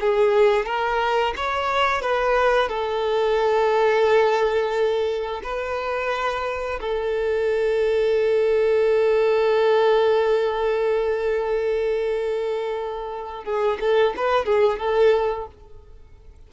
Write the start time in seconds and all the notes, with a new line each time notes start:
0.00 G#4
0.66 A#4
1.36 C#5
2.02 B4
2.69 A4
5.44 B4
6.81 A4
13.44 G#4
13.80 A4
14.16 B4
14.45 G#4
14.79 A4